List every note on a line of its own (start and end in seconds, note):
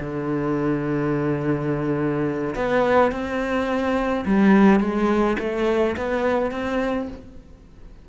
0.00 2.55 D3
2.55 3.11 B3
3.11 4.25 C4
4.25 4.80 G3
4.80 5.36 G#3
5.39 5.96 A3
5.97 6.51 B3
6.51 7.08 C4